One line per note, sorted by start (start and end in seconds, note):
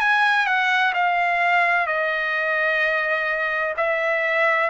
0.00 0.46 G#5
0.46 0.93 F#5
0.94 1.87 F5
1.87 3.75 D#5
3.77 4.70 E5